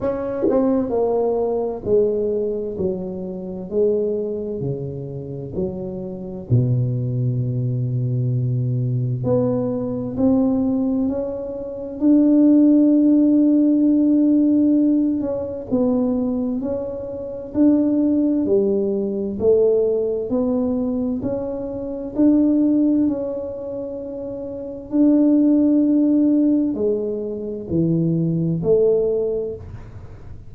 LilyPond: \new Staff \with { instrumentName = "tuba" } { \time 4/4 \tempo 4 = 65 cis'8 c'8 ais4 gis4 fis4 | gis4 cis4 fis4 b,4~ | b,2 b4 c'4 | cis'4 d'2.~ |
d'8 cis'8 b4 cis'4 d'4 | g4 a4 b4 cis'4 | d'4 cis'2 d'4~ | d'4 gis4 e4 a4 | }